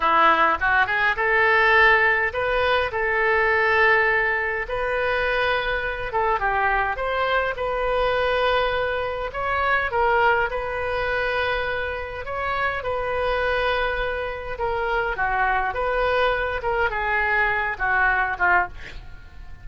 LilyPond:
\new Staff \with { instrumentName = "oboe" } { \time 4/4 \tempo 4 = 103 e'4 fis'8 gis'8 a'2 | b'4 a'2. | b'2~ b'8 a'8 g'4 | c''4 b'2. |
cis''4 ais'4 b'2~ | b'4 cis''4 b'2~ | b'4 ais'4 fis'4 b'4~ | b'8 ais'8 gis'4. fis'4 f'8 | }